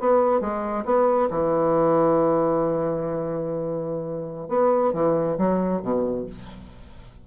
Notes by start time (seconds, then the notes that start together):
0.00 B3
0.41 G#3
0.85 B3
1.30 E3
4.49 B3
4.93 E3
5.38 F#3
5.82 B2